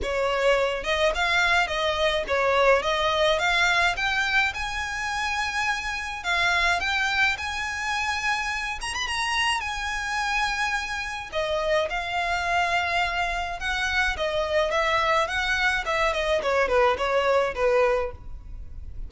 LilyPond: \new Staff \with { instrumentName = "violin" } { \time 4/4 \tempo 4 = 106 cis''4. dis''8 f''4 dis''4 | cis''4 dis''4 f''4 g''4 | gis''2. f''4 | g''4 gis''2~ gis''8 ais''16 b''16 |
ais''4 gis''2. | dis''4 f''2. | fis''4 dis''4 e''4 fis''4 | e''8 dis''8 cis''8 b'8 cis''4 b'4 | }